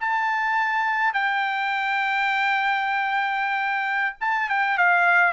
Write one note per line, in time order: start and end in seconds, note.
0.00 1.13 A5
1.13 4.16 G5
4.20 4.49 A5
4.49 4.78 G5
4.78 5.32 F5